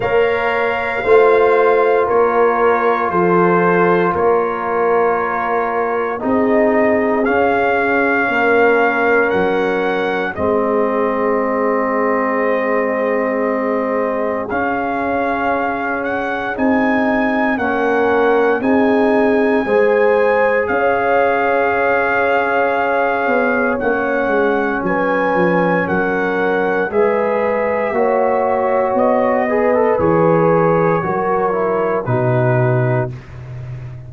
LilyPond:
<<
  \new Staff \with { instrumentName = "trumpet" } { \time 4/4 \tempo 4 = 58 f''2 cis''4 c''4 | cis''2 dis''4 f''4~ | f''4 fis''4 dis''2~ | dis''2 f''4. fis''8 |
gis''4 fis''4 gis''2 | f''2. fis''4 | gis''4 fis''4 e''2 | dis''4 cis''2 b'4 | }
  \new Staff \with { instrumentName = "horn" } { \time 4/4 cis''4 c''4 ais'4 a'4 | ais'2 gis'2 | ais'2 gis'2~ | gis'1~ |
gis'4 ais'4 gis'4 c''4 | cis''1 | b'4 ais'4 b'4 cis''4~ | cis''8 b'4. ais'4 fis'4 | }
  \new Staff \with { instrumentName = "trombone" } { \time 4/4 ais'4 f'2.~ | f'2 dis'4 cis'4~ | cis'2 c'2~ | c'2 cis'2 |
dis'4 cis'4 dis'4 gis'4~ | gis'2. cis'4~ | cis'2 gis'4 fis'4~ | fis'8 gis'16 a'16 gis'4 fis'8 e'8 dis'4 | }
  \new Staff \with { instrumentName = "tuba" } { \time 4/4 ais4 a4 ais4 f4 | ais2 c'4 cis'4 | ais4 fis4 gis2~ | gis2 cis'2 |
c'4 ais4 c'4 gis4 | cis'2~ cis'8 b8 ais8 gis8 | fis8 f8 fis4 gis4 ais4 | b4 e4 fis4 b,4 | }
>>